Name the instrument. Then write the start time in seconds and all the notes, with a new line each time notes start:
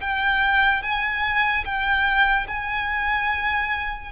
violin
0.00 G5
0.82 G#5
1.64 G5
2.47 G#5